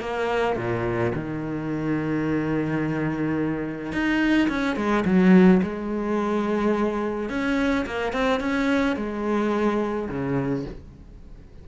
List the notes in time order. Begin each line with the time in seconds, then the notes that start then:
0.00 A#3
0.56 A#2
1.15 D#3
3.92 D#4
4.48 C#4
4.76 G#3
5.05 F#3
5.62 G#3
7.29 C#4
7.86 A#3
8.12 C4
8.40 C#4
8.96 G#3
10.09 C#3